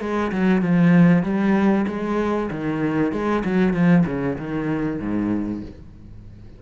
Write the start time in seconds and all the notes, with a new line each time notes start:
0.00 G#3
0.32 F#3
0.62 F3
1.23 G3
1.87 G#3
2.50 D#3
3.12 G#3
3.44 F#3
3.73 F3
4.06 C#3
4.38 D#3
4.99 G#2